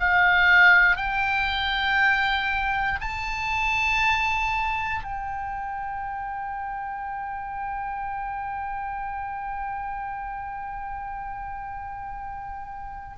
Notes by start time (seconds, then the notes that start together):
0.00 F5
0.96 G5
3.01 A5
5.03 G5